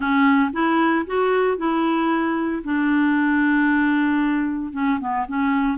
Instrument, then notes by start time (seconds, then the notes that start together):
clarinet
0.00 C#4
0.53 E4
1.06 F#4
1.57 E4
2.64 D4
4.72 C#4
5.00 B3
5.28 C#4